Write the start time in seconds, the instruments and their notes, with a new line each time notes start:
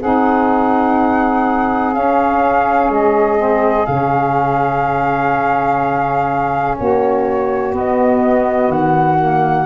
0.00 tuba C4, saxophone D#4 G#4, flute F#5
1.94 saxophone C#4, tuba C#4, flute F5
2.89 tuba G#3, flute D#5
3.37 saxophone C4
3.86 tuba C#3, saxophone C#4, flute F5
6.78 tuba A#3, saxophone F#4, flute C#5
7.71 saxophone B3, tuba B3, flute D#5
8.69 tuba D#3, flute F#5
9.19 saxophone A#3